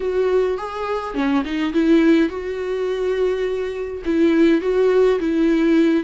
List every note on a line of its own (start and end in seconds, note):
0.00 0.57 F#4
0.57 1.14 G#4
1.14 1.43 C#4
1.44 1.73 D#4
1.73 2.29 E4
2.29 4.02 F#4
4.05 4.61 E4
4.61 5.19 F#4
5.19 6.03 E4